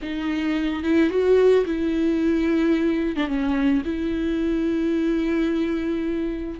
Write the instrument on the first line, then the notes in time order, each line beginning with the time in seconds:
viola
0.02 D#4
0.83 E4
1.09 F#4
1.65 E4
3.16 D4
3.27 C#4
3.84 E4